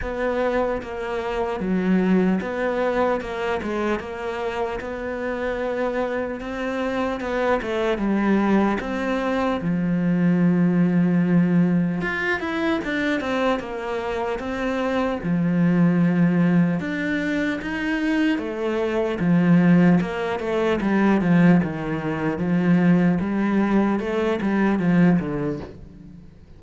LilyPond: \new Staff \with { instrumentName = "cello" } { \time 4/4 \tempo 4 = 75 b4 ais4 fis4 b4 | ais8 gis8 ais4 b2 | c'4 b8 a8 g4 c'4 | f2. f'8 e'8 |
d'8 c'8 ais4 c'4 f4~ | f4 d'4 dis'4 a4 | f4 ais8 a8 g8 f8 dis4 | f4 g4 a8 g8 f8 d8 | }